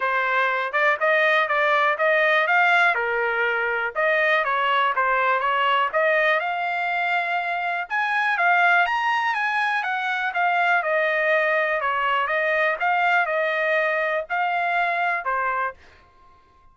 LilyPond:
\new Staff \with { instrumentName = "trumpet" } { \time 4/4 \tempo 4 = 122 c''4. d''8 dis''4 d''4 | dis''4 f''4 ais'2 | dis''4 cis''4 c''4 cis''4 | dis''4 f''2. |
gis''4 f''4 ais''4 gis''4 | fis''4 f''4 dis''2 | cis''4 dis''4 f''4 dis''4~ | dis''4 f''2 c''4 | }